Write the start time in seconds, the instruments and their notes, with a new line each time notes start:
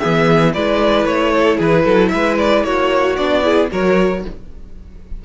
0.00 cello E3, viola B3, violin G#4 E5
0.54 cello G#3, viola E4, violin B4 D5
1.05 cello A3, violin C#5
1.33 violin A4
1.57 cello E3, violin G#4 B4
1.85 cello F#3, violin A4
2.09 cello G#3, violin B4 E5
2.39 violin D5
2.64 cello A#3, violin F#4 C#5
3.17 cello B3, viola D4, violin D5
3.43 viola E4, violin G#4
3.72 cello F#3, viola F#4, violin A#4 C#5